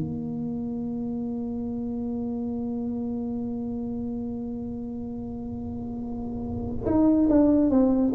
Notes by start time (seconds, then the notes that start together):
0.00 A#3
6.86 D#4
7.30 D4
7.70 C4